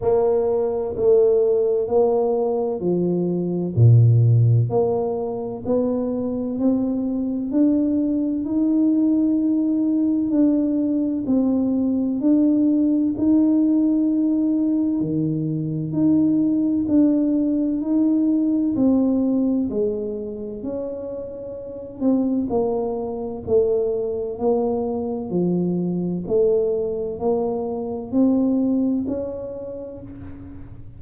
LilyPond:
\new Staff \with { instrumentName = "tuba" } { \time 4/4 \tempo 4 = 64 ais4 a4 ais4 f4 | ais,4 ais4 b4 c'4 | d'4 dis'2 d'4 | c'4 d'4 dis'2 |
dis4 dis'4 d'4 dis'4 | c'4 gis4 cis'4. c'8 | ais4 a4 ais4 f4 | a4 ais4 c'4 cis'4 | }